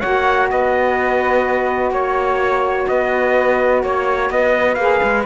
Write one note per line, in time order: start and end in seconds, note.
0.00 0.51 A#3
0.00 4.78 F#4
0.00 0.48 C#5
0.00 0.48 F#5
0.50 1.90 B3
0.50 1.92 B4
0.50 1.93 D#5
1.90 2.85 A#3
1.90 2.87 C#5
2.87 3.83 B3
2.87 3.83 B4
2.87 3.83 D#5
3.83 4.30 A#3
3.83 4.31 C#5
3.83 4.30 C#5
4.30 4.76 B3
4.30 5.25 B4
4.30 4.74 D#5
4.74 5.00 A#3
4.74 5.25 G#4
4.74 5.22 F5
5.03 5.25 G#3